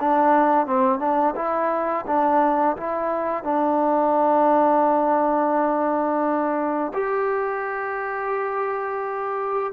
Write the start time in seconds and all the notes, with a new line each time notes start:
0.00 D4
0.67 C4
1.00 D4
1.36 E4
2.07 D4
2.77 E4
3.44 D4
6.94 G4